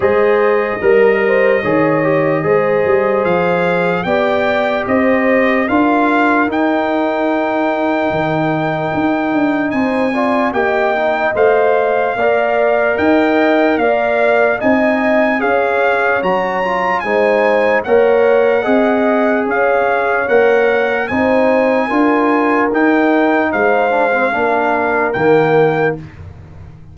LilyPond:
<<
  \new Staff \with { instrumentName = "trumpet" } { \time 4/4 \tempo 4 = 74 dis''1 | f''4 g''4 dis''4 f''4 | g''1 | gis''4 g''4 f''2 |
g''4 f''4 gis''4 f''4 | ais''4 gis''4 fis''2 | f''4 fis''4 gis''2 | g''4 f''2 g''4 | }
  \new Staff \with { instrumentName = "horn" } { \time 4/4 c''4 ais'8 c''8 cis''4 c''4~ | c''4 d''4 c''4 ais'4~ | ais'1 | c''8 d''8 dis''2 d''4 |
dis''4 d''4 dis''4 cis''4~ | cis''4 c''4 cis''4 dis''4 | cis''2 c''4 ais'4~ | ais'4 c''4 ais'2 | }
  \new Staff \with { instrumentName = "trombone" } { \time 4/4 gis'4 ais'4 gis'8 g'8 gis'4~ | gis'4 g'2 f'4 | dis'1~ | dis'8 f'8 g'8 dis'8 c''4 ais'4~ |
ais'2 dis'4 gis'4 | fis'8 f'8 dis'4 ais'4 gis'4~ | gis'4 ais'4 dis'4 f'4 | dis'4. d'16 c'16 d'4 ais4 | }
  \new Staff \with { instrumentName = "tuba" } { \time 4/4 gis4 g4 dis4 gis8 g8 | f4 b4 c'4 d'4 | dis'2 dis4 dis'8 d'8 | c'4 ais4 a4 ais4 |
dis'4 ais4 c'4 cis'4 | fis4 gis4 ais4 c'4 | cis'4 ais4 c'4 d'4 | dis'4 gis4 ais4 dis4 | }
>>